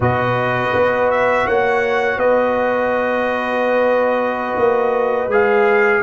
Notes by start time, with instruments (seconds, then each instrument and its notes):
0.00 tuba B2, trombone F#4, horn B4, trumpet D#5
0.74 tuba B3
1.10 trumpet E5
1.46 tuba A#3, horn C#5, trumpet F#5
2.16 tuba B3, horn B4, trumpet D#5
4.56 tuba A#3
5.27 tuba G#3, trombone G#4, trumpet F5